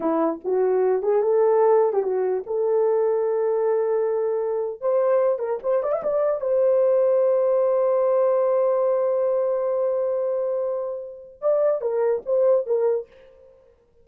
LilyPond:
\new Staff \with { instrumentName = "horn" } { \time 4/4 \tempo 4 = 147 e'4 fis'4. gis'8 a'4~ | a'8. g'16 fis'4 a'2~ | a'2.~ a'8. c''16~ | c''4~ c''16 ais'8 c''8 d''16 e''16 d''4 c''16~ |
c''1~ | c''1~ | c''1 | d''4 ais'4 c''4 ais'4 | }